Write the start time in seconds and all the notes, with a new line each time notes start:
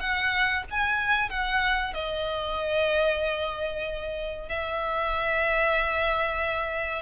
0.00 F#5
0.71 G#5
1.30 F#5
1.94 D#5
4.49 E5